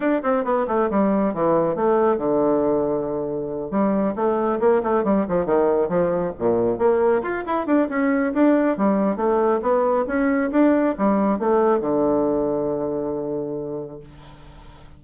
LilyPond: \new Staff \with { instrumentName = "bassoon" } { \time 4/4 \tempo 4 = 137 d'8 c'8 b8 a8 g4 e4 | a4 d2.~ | d8 g4 a4 ais8 a8 g8 | f8 dis4 f4 ais,4 ais8~ |
ais8 f'8 e'8 d'8 cis'4 d'4 | g4 a4 b4 cis'4 | d'4 g4 a4 d4~ | d1 | }